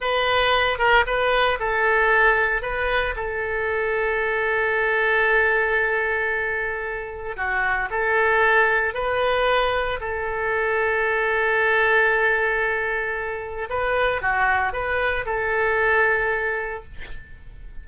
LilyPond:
\new Staff \with { instrumentName = "oboe" } { \time 4/4 \tempo 4 = 114 b'4. ais'8 b'4 a'4~ | a'4 b'4 a'2~ | a'1~ | a'2 fis'4 a'4~ |
a'4 b'2 a'4~ | a'1~ | a'2 b'4 fis'4 | b'4 a'2. | }